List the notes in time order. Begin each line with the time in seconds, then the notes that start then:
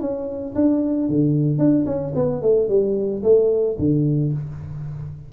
0.00 C#4
0.55 D4
1.08 D3
1.58 D4
1.86 C#4
2.15 B3
2.42 A3
2.69 G3
3.23 A3
3.78 D3